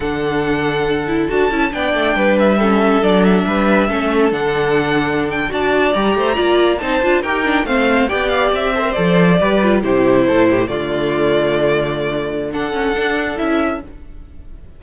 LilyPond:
<<
  \new Staff \with { instrumentName = "violin" } { \time 4/4 \tempo 4 = 139 fis''2. a''4 | g''4. e''4. d''8 e''8~ | e''2 fis''2~ | fis''16 g''8 a''4 ais''2 a''16~ |
a''8. g''4 f''4 g''8 f''8 e''16~ | e''8. d''2 c''4~ c''16~ | c''8. d''2.~ d''16~ | d''4 fis''2 e''4 | }
  \new Staff \with { instrumentName = "violin" } { \time 4/4 a'1 | d''4 b'4 a'2 | b'4 a'2.~ | a'8. d''4. c''8 d''4 c''16~ |
c''8. ais'4 c''4 d''4~ d''16~ | d''16 c''4. b'4 g'4 a'16~ | a'16 g'8 f'2.~ f'16~ | f'4 a'2. | }
  \new Staff \with { instrumentName = "viola" } { \time 4/4 d'2~ d'8 e'8 fis'8 e'8 | d'2 cis'4 d'4~ | d'4 cis'4 d'2~ | d'8. fis'4 g'4 f'4 dis'16~ |
dis'16 f'8 g'8 d'8 c'4 g'4~ g'16~ | g'16 a'16 ais'16 a'4 g'8 f'8 e'4~ e'16~ | e'8. a2.~ a16~ | a4 d'8 cis'8 d'4 e'4 | }
  \new Staff \with { instrumentName = "cello" } { \time 4/4 d2. d'8 cis'8 | b8 a8 g2 fis4 | g4 a4 d2~ | d8. d'4 g8 a8 ais4 c'16~ |
c'16 d'8 dis'4 a4 b4 c'16~ | c'8. f4 g4 c4 a,16~ | a,8. d2.~ d16~ | d2 d'4 cis'4 | }
>>